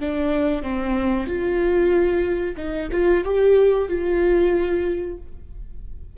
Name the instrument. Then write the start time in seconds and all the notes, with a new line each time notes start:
viola
0.00 D4
0.63 C4
1.27 F4
2.57 D#4
2.92 F4
3.25 G4
3.89 F4